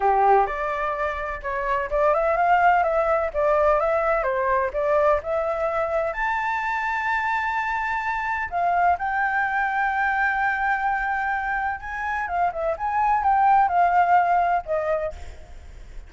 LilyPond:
\new Staff \with { instrumentName = "flute" } { \time 4/4 \tempo 4 = 127 g'4 d''2 cis''4 | d''8 e''8 f''4 e''4 d''4 | e''4 c''4 d''4 e''4~ | e''4 a''2.~ |
a''2 f''4 g''4~ | g''1~ | g''4 gis''4 f''8 e''8 gis''4 | g''4 f''2 dis''4 | }